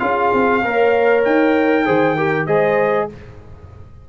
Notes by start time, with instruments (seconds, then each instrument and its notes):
0.00 tuba C#4, trombone F4, horn G#4, trumpet F5
0.34 tuba C4
0.64 tuba A#3, trombone A#4, horn C#5
1.25 tuba D#4, trumpet G5
1.86 tuba D#3, trombone G#4, horn C5
2.17 trombone G4, horn A#4
2.47 tuba G#3, trombone G#4, horn C5, trumpet D#5